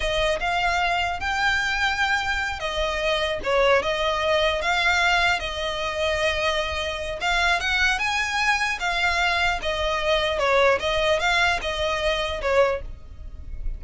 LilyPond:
\new Staff \with { instrumentName = "violin" } { \time 4/4 \tempo 4 = 150 dis''4 f''2 g''4~ | g''2~ g''8 dis''4.~ | dis''8 cis''4 dis''2 f''8~ | f''4. dis''2~ dis''8~ |
dis''2 f''4 fis''4 | gis''2 f''2 | dis''2 cis''4 dis''4 | f''4 dis''2 cis''4 | }